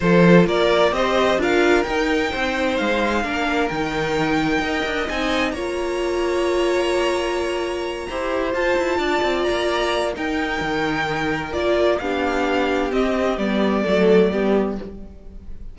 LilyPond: <<
  \new Staff \with { instrumentName = "violin" } { \time 4/4 \tempo 4 = 130 c''4 d''4 dis''4 f''4 | g''2 f''2 | g''2. gis''4 | ais''1~ |
ais''2~ ais''8 a''4.~ | a''8 ais''4. g''2~ | g''4 d''4 f''2 | dis''4 d''2. | }
  \new Staff \with { instrumentName = "violin" } { \time 4/4 a'4 ais'4 c''4 ais'4~ | ais'4 c''2 ais'4~ | ais'2 dis''2 | cis''1~ |
cis''4. c''2 d''8~ | d''2 ais'2~ | ais'2 g'2~ | g'2 a'4 g'4 | }
  \new Staff \with { instrumentName = "viola" } { \time 4/4 f'2 g'4 f'4 | dis'2. d'4 | dis'2 ais'4 dis'4 | f'1~ |
f'4. g'4 f'4.~ | f'2 dis'2~ | dis'4 f'4 d'2 | c'4 b4 a4 b4 | }
  \new Staff \with { instrumentName = "cello" } { \time 4/4 f4 ais4 c'4 d'4 | dis'4 c'4 gis4 ais4 | dis2 dis'8 d'8 c'4 | ais1~ |
ais4. e'4 f'8 e'8 d'8 | c'8 ais4. dis'4 dis4~ | dis4 ais4 b2 | c'4 g4 fis4 g4 | }
>>